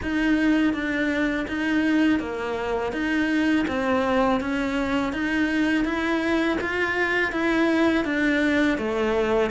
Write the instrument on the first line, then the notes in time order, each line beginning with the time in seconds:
cello
0.02 D#4
0.73 D4
1.47 D#4
2.19 A#3
2.92 D#4
3.68 C4
4.40 C#4
5.12 D#4
5.84 E4
6.61 F4
7.32 E4
8.05 D4
8.77 A3